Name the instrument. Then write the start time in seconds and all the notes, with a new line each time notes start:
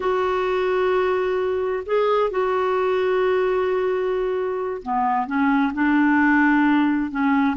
clarinet
0.00 F#4
1.85 G#4
2.30 F#4
4.82 B3
5.26 C#4
5.73 D4
7.10 C#4